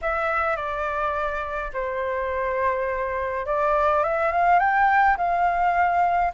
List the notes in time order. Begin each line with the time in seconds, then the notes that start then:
0.01 E5
0.56 D5
1.73 C5
3.46 D5
4.03 E5
4.31 F5
4.59 G5
5.17 F5